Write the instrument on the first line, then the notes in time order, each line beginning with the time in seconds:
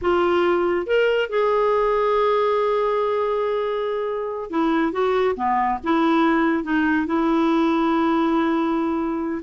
clarinet
0.01 F4
0.86 A#4
1.29 G#4
4.50 E4
4.92 F#4
5.36 B3
5.83 E4
6.63 D#4
7.06 E4